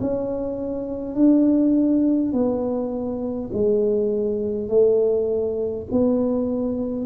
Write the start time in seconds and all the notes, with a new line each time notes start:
0.00 C#4
1.14 D4
2.32 B3
3.52 G#3
4.68 A3
5.91 B3